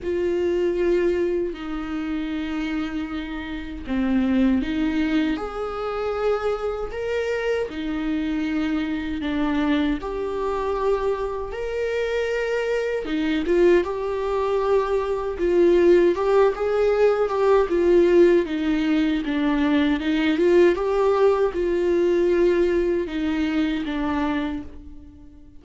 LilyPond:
\new Staff \with { instrumentName = "viola" } { \time 4/4 \tempo 4 = 78 f'2 dis'2~ | dis'4 c'4 dis'4 gis'4~ | gis'4 ais'4 dis'2 | d'4 g'2 ais'4~ |
ais'4 dis'8 f'8 g'2 | f'4 g'8 gis'4 g'8 f'4 | dis'4 d'4 dis'8 f'8 g'4 | f'2 dis'4 d'4 | }